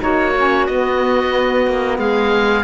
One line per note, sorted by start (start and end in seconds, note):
0.00 0.68 A#3
0.00 0.33 D#4
0.00 1.99 F#4
0.00 0.66 C#5
0.37 0.70 C#4
0.66 1.67 B3
0.66 2.64 B3
0.66 1.98 D#5
1.67 1.98 A#3
1.98 2.64 G#3
1.98 2.64 G#4
1.98 2.64 F5